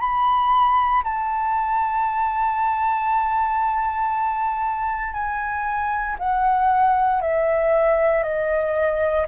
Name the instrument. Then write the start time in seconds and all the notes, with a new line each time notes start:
flute
0.00 B5
1.04 A5
5.13 G#5
6.19 F#5
7.22 E5
8.23 D#5